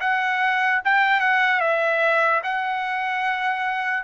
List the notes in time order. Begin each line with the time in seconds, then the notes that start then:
0.00 F#5
0.85 G5
1.21 F#5
1.60 E5
2.44 F#5